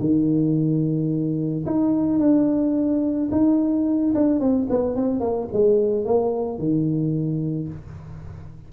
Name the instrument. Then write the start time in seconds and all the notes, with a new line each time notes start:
tuba
0.00 D#3
1.66 D#4
2.19 D4
3.32 D#4
4.15 D4
4.40 C4
4.70 B3
4.96 C4
5.20 A#3
5.53 G#3
6.05 A#3
6.59 D#3